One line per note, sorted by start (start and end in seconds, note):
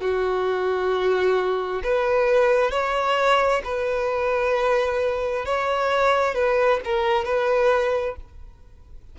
0.00 1.82 F#4
1.83 2.71 B4
2.71 3.62 C#5
3.64 5.45 B4
5.45 6.34 C#5
6.34 6.80 B4
6.84 7.24 A#4
7.24 8.15 B4